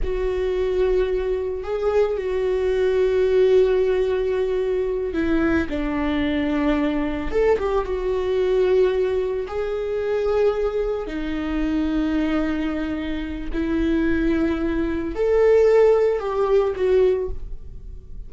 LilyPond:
\new Staff \with { instrumentName = "viola" } { \time 4/4 \tempo 4 = 111 fis'2. gis'4 | fis'1~ | fis'4. e'4 d'4.~ | d'4. a'8 g'8 fis'4.~ |
fis'4. gis'2~ gis'8~ | gis'8 dis'2.~ dis'8~ | dis'4 e'2. | a'2 g'4 fis'4 | }